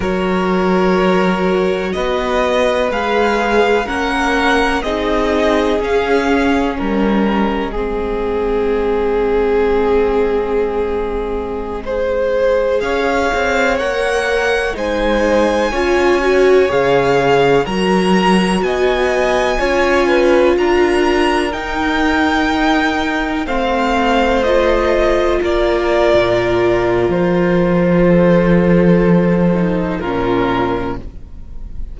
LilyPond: <<
  \new Staff \with { instrumentName = "violin" } { \time 4/4 \tempo 4 = 62 cis''2 dis''4 f''4 | fis''4 dis''4 f''4 dis''4~ | dis''1~ | dis''4~ dis''16 f''4 fis''4 gis''8.~ |
gis''4~ gis''16 f''4 ais''4 gis''8.~ | gis''4~ gis''16 ais''4 g''4.~ g''16~ | g''16 f''4 dis''4 d''4.~ d''16 | c''2. ais'4 | }
  \new Staff \with { instrumentName = "violin" } { \time 4/4 ais'2 b'2 | ais'4 gis'2 ais'4 | gis'1~ | gis'16 c''4 cis''2 c''8.~ |
c''16 cis''2 ais'4 dis''8.~ | dis''16 cis''8 b'8 ais'2~ ais'8.~ | ais'16 c''2 ais'4.~ ais'16~ | ais'4 a'2 f'4 | }
  \new Staff \with { instrumentName = "viola" } { \time 4/4 fis'2. gis'4 | cis'4 dis'4 cis'2 | c'1~ | c'16 gis'2 ais'4 dis'8.~ |
dis'16 f'8 fis'8 gis'4 fis'4.~ fis'16~ | fis'16 f'2 dis'4.~ dis'16~ | dis'16 c'4 f'2~ f'8.~ | f'2~ f'8 dis'8 cis'4 | }
  \new Staff \with { instrumentName = "cello" } { \time 4/4 fis2 b4 gis4 | ais4 c'4 cis'4 g4 | gis1~ | gis4~ gis16 cis'8 c'8 ais4 gis8.~ |
gis16 cis'4 cis4 fis4 b8.~ | b16 cis'4 d'4 dis'4.~ dis'16~ | dis'16 a2 ais8. ais,4 | f2. ais,4 | }
>>